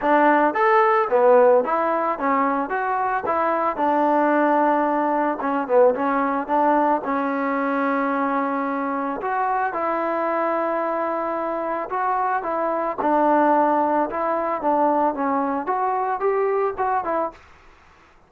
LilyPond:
\new Staff \with { instrumentName = "trombone" } { \time 4/4 \tempo 4 = 111 d'4 a'4 b4 e'4 | cis'4 fis'4 e'4 d'4~ | d'2 cis'8 b8 cis'4 | d'4 cis'2.~ |
cis'4 fis'4 e'2~ | e'2 fis'4 e'4 | d'2 e'4 d'4 | cis'4 fis'4 g'4 fis'8 e'8 | }